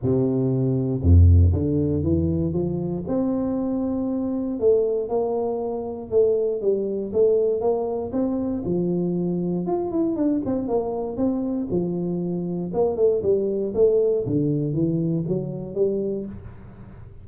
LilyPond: \new Staff \with { instrumentName = "tuba" } { \time 4/4 \tempo 4 = 118 c2 f,4 d4 | e4 f4 c'2~ | c'4 a4 ais2 | a4 g4 a4 ais4 |
c'4 f2 f'8 e'8 | d'8 c'8 ais4 c'4 f4~ | f4 ais8 a8 g4 a4 | d4 e4 fis4 g4 | }